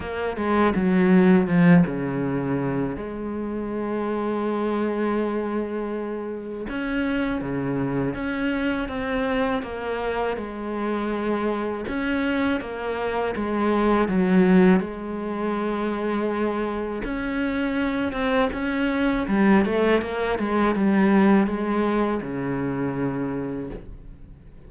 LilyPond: \new Staff \with { instrumentName = "cello" } { \time 4/4 \tempo 4 = 81 ais8 gis8 fis4 f8 cis4. | gis1~ | gis4 cis'4 cis4 cis'4 | c'4 ais4 gis2 |
cis'4 ais4 gis4 fis4 | gis2. cis'4~ | cis'8 c'8 cis'4 g8 a8 ais8 gis8 | g4 gis4 cis2 | }